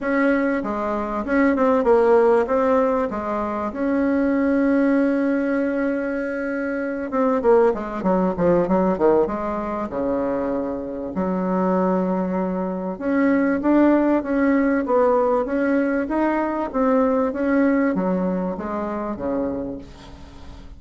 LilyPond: \new Staff \with { instrumentName = "bassoon" } { \time 4/4 \tempo 4 = 97 cis'4 gis4 cis'8 c'8 ais4 | c'4 gis4 cis'2~ | cis'2.~ cis'8 c'8 | ais8 gis8 fis8 f8 fis8 dis8 gis4 |
cis2 fis2~ | fis4 cis'4 d'4 cis'4 | b4 cis'4 dis'4 c'4 | cis'4 fis4 gis4 cis4 | }